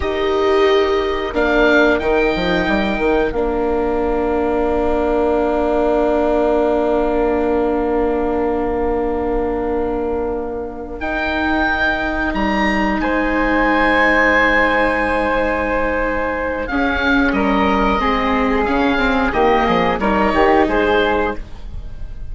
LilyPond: <<
  \new Staff \with { instrumentName = "oboe" } { \time 4/4 \tempo 4 = 90 dis''2 f''4 g''4~ | g''4 f''2.~ | f''1~ | f''1~ |
f''8 g''2 ais''4 gis''8~ | gis''1~ | gis''4 f''4 dis''2 | f''4 dis''4 cis''4 c''4 | }
  \new Staff \with { instrumentName = "flute" } { \time 4/4 ais'1~ | ais'1~ | ais'1~ | ais'1~ |
ais'2.~ ais'8 c''8~ | c''1~ | c''4 gis'4 ais'4 gis'4~ | gis'4 g'8 gis'8 ais'8 g'8 gis'4 | }
  \new Staff \with { instrumentName = "viola" } { \time 4/4 g'2 d'4 dis'4~ | dis'4 d'2.~ | d'1~ | d'1~ |
d'8 dis'2.~ dis'8~ | dis'1~ | dis'4 cis'2 c'4 | cis'8 c'8 ais4 dis'2 | }
  \new Staff \with { instrumentName = "bassoon" } { \time 4/4 dis'2 ais4 dis8 f8 | g8 dis8 ais2.~ | ais1~ | ais1~ |
ais8 dis'2 g4 gis8~ | gis1~ | gis4 cis'4 g4 gis4 | cis4 dis8 f8 g8 dis8 gis4 | }
>>